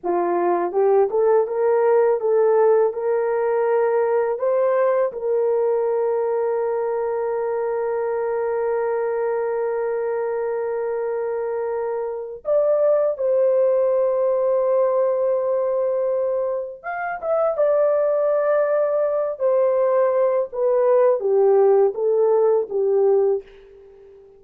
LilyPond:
\new Staff \with { instrumentName = "horn" } { \time 4/4 \tempo 4 = 82 f'4 g'8 a'8 ais'4 a'4 | ais'2 c''4 ais'4~ | ais'1~ | ais'1~ |
ais'4 d''4 c''2~ | c''2. f''8 e''8 | d''2~ d''8 c''4. | b'4 g'4 a'4 g'4 | }